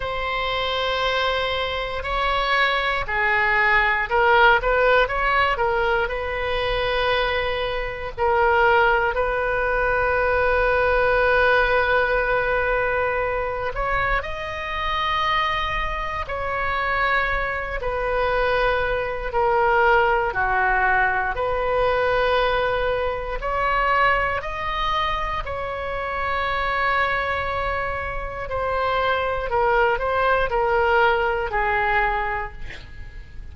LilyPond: \new Staff \with { instrumentName = "oboe" } { \time 4/4 \tempo 4 = 59 c''2 cis''4 gis'4 | ais'8 b'8 cis''8 ais'8 b'2 | ais'4 b'2.~ | b'4. cis''8 dis''2 |
cis''4. b'4. ais'4 | fis'4 b'2 cis''4 | dis''4 cis''2. | c''4 ais'8 c''8 ais'4 gis'4 | }